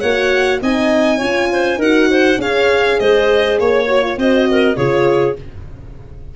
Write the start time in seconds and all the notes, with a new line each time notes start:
0.00 A#3 F#4 C#5 F#5
0.62 C4 D#4 D#5 G#5
1.18 C#4 F4 C#5
1.52 C5
1.77 D#4 F#4 A#4 F#5
2.10 C5
2.38 C#4 G#4 C#5 F5
2.99 G#3 C5 D#5
3.59 A#3 C#5
3.87 F#4
4.02 F4
4.17 C4 F#4 C5 D#5
4.51 A#4
4.76 C#3 F4 G#4 C#5